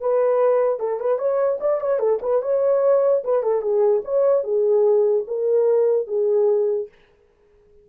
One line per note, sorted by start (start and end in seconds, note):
0.00 0.79 B4
0.79 1.00 A4
1.00 1.18 B4
1.18 1.59 C#5
1.60 1.80 D5
1.80 1.99 C#5
1.99 2.19 A4
2.21 2.42 B4
2.42 3.23 C#5
3.24 3.43 B4
3.43 3.61 A4
3.61 4.02 G#4
4.04 4.43 C#5
4.43 5.24 G#4
5.27 6.07 A#4
6.07 6.88 G#4